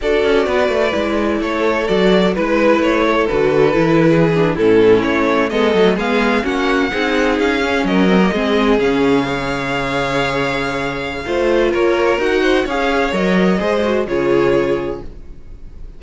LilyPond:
<<
  \new Staff \with { instrumentName = "violin" } { \time 4/4 \tempo 4 = 128 d''2. cis''4 | d''4 b'4 cis''4 b'4~ | b'4.~ b'16 a'4 cis''4 dis''16~ | dis''8. f''4 fis''2 f''16~ |
f''8. dis''2 f''4~ f''16~ | f''1~ | f''4 cis''4 fis''4 f''4 | dis''2 cis''2 | }
  \new Staff \with { instrumentName = "violin" } { \time 4/4 a'4 b'2 a'4~ | a'4 b'4. a'4.~ | a'8. gis'4 e'2 a'16~ | a'8. gis'4 fis'4 gis'4~ gis'16~ |
gis'8. ais'4 gis'2 cis''16~ | cis''1 | c''4 ais'4. c''8 cis''4~ | cis''4 c''4 gis'2 | }
  \new Staff \with { instrumentName = "viola" } { \time 4/4 fis'2 e'2 | fis'4 e'2 fis'4 | e'4~ e'16 d'8 cis'2 b16~ | b16 a8 b4 cis'4 dis'4~ dis'16~ |
dis'16 cis'4 c'16 ais16 c'4 cis'4 gis'16~ | gis'1 | f'2 fis'4 gis'4 | ais'4 gis'8 fis'8 f'2 | }
  \new Staff \with { instrumentName = "cello" } { \time 4/4 d'8 cis'8 b8 a8 gis4 a4 | fis4 gis4 a4 d4 | e4.~ e16 a,4 a4 gis16~ | gis16 fis8 gis4 ais4 c'4 cis'16~ |
cis'8. fis4 gis4 cis4~ cis16~ | cis1 | a4 ais4 dis'4 cis'4 | fis4 gis4 cis2 | }
>>